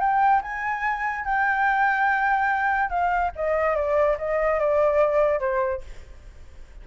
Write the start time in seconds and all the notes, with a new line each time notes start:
0.00 G5
0.42 G#5
1.25 G5
2.90 F5
3.35 D#5
3.76 D5
4.18 D#5
4.60 D5
5.40 C5